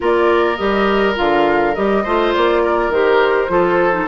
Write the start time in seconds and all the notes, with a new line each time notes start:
0.00 A#3 F4 A#4 D5
0.56 G3 G4 D#5
1.14 D3 F4 F5
1.74 G3 G4 D#5
2.03 A3 F4 C5
2.33 A#3 D5
2.63 A#4
2.89 D#3 G4 C5
3.48 F3 F4 A4
3.91 D#4